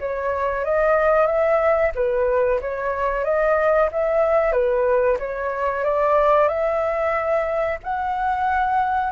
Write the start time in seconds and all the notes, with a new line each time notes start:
0.00 C#5
0.65 D#5
1.27 E5
1.95 B4
2.61 C#5
3.24 D#5
3.92 E5
4.53 B4
5.19 C#5
5.84 D5
6.49 E5
7.83 F#5